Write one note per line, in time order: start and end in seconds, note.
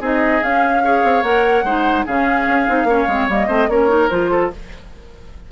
0.00 0.41 C4
0.00 0.42 D#4
0.00 0.82 G#4
0.00 0.43 D#5
0.43 1.04 C#4
0.43 0.84 C#4
0.43 1.23 F5
0.84 1.23 G#4
0.84 1.65 C#5
1.04 1.22 C4
1.22 1.63 A#3
1.22 1.64 A#4
1.22 2.05 F#5
1.63 2.04 G#3
1.63 2.07 D#4
1.63 2.05 C5
2.05 2.47 C#3
2.05 2.67 C#4
2.05 2.87 G#4
2.05 3.29 F5
2.47 2.67 C#4
2.67 2.84 C4
2.67 2.87 D#4
2.84 3.04 A#3
2.84 3.08 C#4
2.84 3.47 C#5
3.08 3.28 G#3
3.08 3.29 C4
3.28 3.48 G3
3.28 3.48 A#3
3.28 3.70 D#5
3.47 3.68 A3
3.47 3.69 C4
3.47 3.68 C5
3.68 4.09 A#3
3.68 3.88 C#4
3.68 4.31 A#4
3.68 4.09 C#5
3.88 4.09 D#4
4.09 4.52 F3
4.09 4.51 F4
4.09 4.50 C5
4.31 4.51 A4